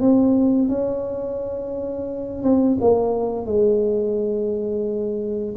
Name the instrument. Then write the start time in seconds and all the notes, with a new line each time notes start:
tuba
0.00 C4
0.68 C#4
2.43 C4
2.80 A#3
3.46 G#3